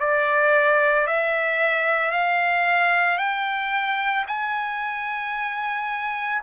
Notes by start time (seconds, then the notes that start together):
0.00 D5
1.08 E5
2.12 F5
3.19 G5
4.28 G#5